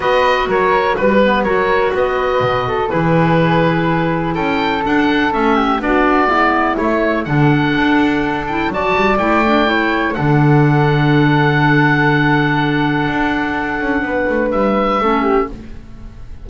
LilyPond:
<<
  \new Staff \with { instrumentName = "oboe" } { \time 4/4 \tempo 4 = 124 dis''4 cis''4 b'4 cis''4 | dis''2 b'2~ | b'4 g''4 fis''4 e''4 | d''2 cis''4 fis''4~ |
fis''4. g''8 a''4 g''4~ | g''4 fis''2.~ | fis''1~ | fis''2 e''2 | }
  \new Staff \with { instrumentName = "flute" } { \time 4/4 b'4 ais'4 b'4 ais'4 | b'4. a'8 gis'2~ | gis'4 a'2~ a'8 g'8 | fis'4 e'2 a'4~ |
a'2 d''2 | cis''4 a'2.~ | a'1~ | a'4 b'2 a'8 g'8 | }
  \new Staff \with { instrumentName = "clarinet" } { \time 4/4 fis'2~ fis'8 b8 fis'4~ | fis'2 e'2~ | e'2 d'4 cis'4 | d'4 b4 a4 d'4~ |
d'4. e'8 fis'4 e'8 d'8 | e'4 d'2.~ | d'1~ | d'2. cis'4 | }
  \new Staff \with { instrumentName = "double bass" } { \time 4/4 b4 fis4 g4 fis4 | b4 b,4 e2~ | e4 cis'4 d'4 a4 | b4 gis4 a4 d4 |
d'2 fis8 g8 a4~ | a4 d2.~ | d2. d'4~ | d'8 cis'8 b8 a8 g4 a4 | }
>>